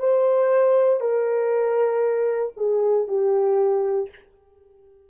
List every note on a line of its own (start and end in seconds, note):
0.00 1.00 C5
1.00 2.53 A#4
2.57 3.08 G#4
3.08 4.10 G4